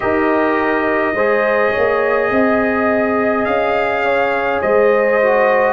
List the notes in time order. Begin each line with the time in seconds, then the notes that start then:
0.00 D#4 G4 A#4 D#5
1.14 G#3 G#4 C5
1.72 A#3 C#5
2.30 C4 D#5
3.44 C#4 F5
4.05 C#5
4.61 G#3 C5 D#5
5.21 F#4